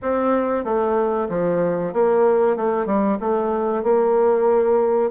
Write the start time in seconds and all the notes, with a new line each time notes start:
0.01 C4
0.64 A3
1.29 F3
1.93 A#3
2.56 A3
2.86 G3
3.19 A3
3.83 A#3